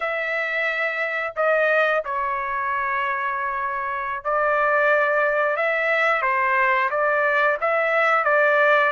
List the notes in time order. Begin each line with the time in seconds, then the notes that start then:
0.00 E5
1.36 D#5
2.04 C#5
4.23 D5
5.56 E5
6.22 C5
6.90 D5
7.60 E5
8.24 D5